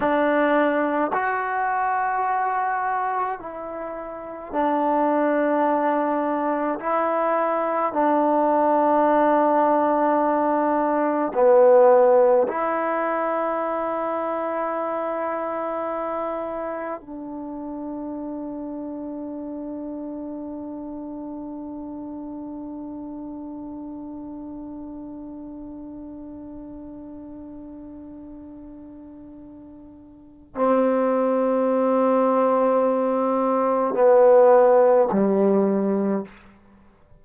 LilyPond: \new Staff \with { instrumentName = "trombone" } { \time 4/4 \tempo 4 = 53 d'4 fis'2 e'4 | d'2 e'4 d'4~ | d'2 b4 e'4~ | e'2. d'4~ |
d'1~ | d'1~ | d'2. c'4~ | c'2 b4 g4 | }